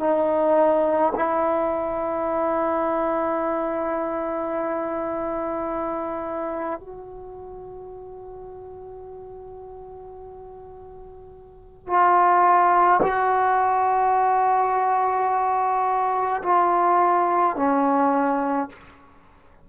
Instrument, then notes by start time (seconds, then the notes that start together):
trombone
0.00 D#4
1.16 E4
6.81 F#4
11.88 F4
13.03 F#4
16.43 F4
17.56 C#4